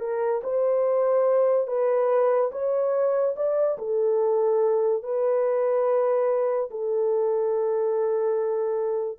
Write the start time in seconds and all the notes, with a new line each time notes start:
0.00 A#4
0.44 C5
1.68 B4
2.52 C#5
3.36 D5
3.78 A4
5.03 B4
6.71 A4